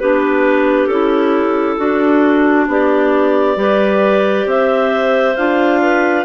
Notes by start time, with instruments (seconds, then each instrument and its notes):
0.00 bassoon B3, clarinet D4 G4 B4
0.87 bassoon C#4, clarinet E4 A4
1.78 bassoon D4, clarinet D4 F#4
2.68 bassoon B3, clarinet G4 D5
3.56 bassoon G3, clarinet G4 B4
4.46 bassoon C4, clarinet C5 E5
5.36 bassoon D4, clarinet F4 F5
5.82 clarinet B4